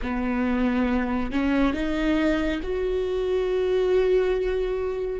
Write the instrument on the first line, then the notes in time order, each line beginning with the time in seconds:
viola
0.02 B3
1.31 C#4
1.73 D#4
2.62 F#4